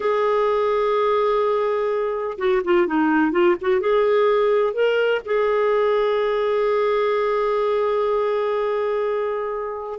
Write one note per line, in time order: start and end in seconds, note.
0.00 2.37 G#4
2.38 2.61 F#4
2.64 2.87 F4
2.87 3.31 D#4
3.31 3.55 F4
3.61 3.80 F#4
3.80 4.73 G#4
4.73 5.21 A#4
5.25 9.99 G#4